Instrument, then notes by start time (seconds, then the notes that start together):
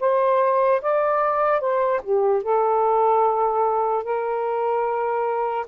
saxophone
0.00 C5
0.81 D5
1.60 C5
2.03 G4
2.43 A4
4.04 A#4